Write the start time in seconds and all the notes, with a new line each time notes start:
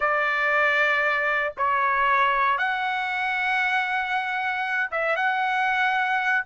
0.00 D5
1.57 C#5
2.57 F#5
4.91 E5
5.15 F#5